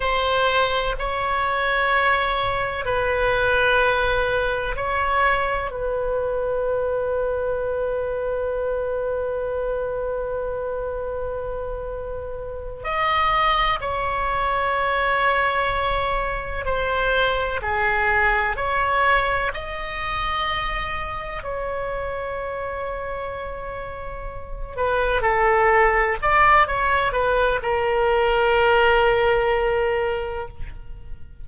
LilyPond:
\new Staff \with { instrumentName = "oboe" } { \time 4/4 \tempo 4 = 63 c''4 cis''2 b'4~ | b'4 cis''4 b'2~ | b'1~ | b'4. dis''4 cis''4.~ |
cis''4. c''4 gis'4 cis''8~ | cis''8 dis''2 cis''4.~ | cis''2 b'8 a'4 d''8 | cis''8 b'8 ais'2. | }